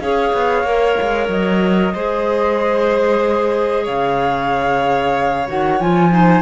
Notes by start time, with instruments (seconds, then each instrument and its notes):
0.00 cello C#4, clarinet G#4, violin C#5, flute F5
0.33 cello B3
0.64 cello A#3, clarinet A#4
1.01 cello G#3
1.29 cello F#3, flute D#5
1.94 cello G#3, clarinet G#4, violin C5
3.83 cello C#3, violin C#5, flute F5
5.48 cello D#3, clarinet F#4, flute F#5
5.81 cello F3, clarinet F4, flute G#5
6.12 clarinet D#4, violin C5